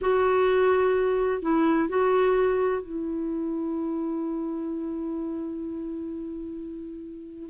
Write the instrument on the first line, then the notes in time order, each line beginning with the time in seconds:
clarinet
0.01 F#4
1.41 E4
1.88 F#4
2.81 E4